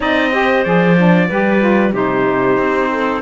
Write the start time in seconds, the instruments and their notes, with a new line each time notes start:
0.00 cello C4, saxophone D#4, clarinet D5, trumpet D#5
0.32 saxophone G4, clarinet C5
0.64 cello F3, saxophone G#4, trumpet D5
0.97 saxophone D4
1.28 cello G3, saxophone G4, clarinet B4
1.59 saxophone F4
1.92 cello C3, saxophone D#4, clarinet G4, trumpet C5
2.57 cello C4
2.91 clarinet A4